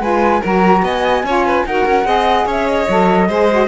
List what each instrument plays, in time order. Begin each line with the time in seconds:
0.00 cello G#3, saxophone F4, violin B4, flute G#5
0.41 cello F#3, saxophone F#4, violin A#4, flute A#5
0.82 cello B3, violin D#5, flute G#5
1.23 cello C#4, saxophone F4, violin C#5
1.46 violin B4
1.65 cello D#4, saxophone F#4, violin A#4, flute F#5
1.86 cello C#4
2.04 cello C4, saxophone G#4, violin D#5
2.46 cello C#4, violin C#5, flute E5
2.68 flute D#5
2.88 cello F#3, saxophone A4
3.28 cello G#3, saxophone G#4, violin C5
3.51 saxophone F#4